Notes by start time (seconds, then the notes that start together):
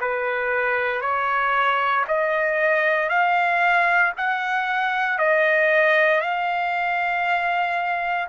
0.00 B4
1.01 C#5
2.07 D#5
3.09 F5
4.17 F#5
5.19 D#5
6.21 F5